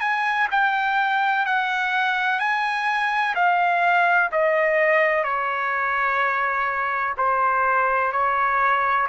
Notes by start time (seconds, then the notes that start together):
0.00 G#5
0.51 G5
1.45 F#5
2.39 G#5
3.35 F5
4.31 D#5
5.23 C#5
7.17 C5
8.12 C#5